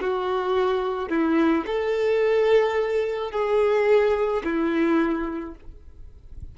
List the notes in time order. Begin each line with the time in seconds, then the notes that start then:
0.00 F#4
1.09 E4
1.66 A4
3.31 G#4
4.44 E4